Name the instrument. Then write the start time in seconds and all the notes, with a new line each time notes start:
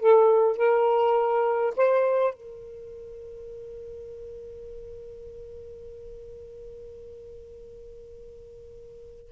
saxophone
0.00 A4
0.57 A#4
1.77 C5
2.34 A#4